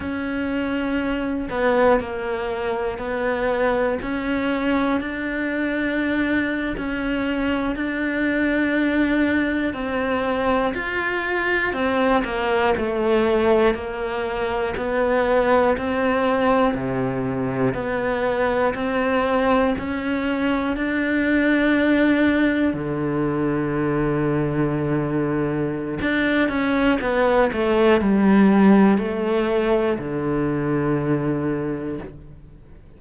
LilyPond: \new Staff \with { instrumentName = "cello" } { \time 4/4 \tempo 4 = 60 cis'4. b8 ais4 b4 | cis'4 d'4.~ d'16 cis'4 d'16~ | d'4.~ d'16 c'4 f'4 c'16~ | c'16 ais8 a4 ais4 b4 c'16~ |
c'8. c4 b4 c'4 cis'16~ | cis'8. d'2 d4~ d16~ | d2 d'8 cis'8 b8 a8 | g4 a4 d2 | }